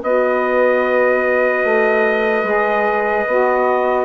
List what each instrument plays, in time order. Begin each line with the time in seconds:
0.00 bassoon B3, saxophone F#4, clarinet B4, trumpet D#5
1.64 bassoon A3
2.43 bassoon G#3, saxophone G#4
3.27 bassoon B3, saxophone F#4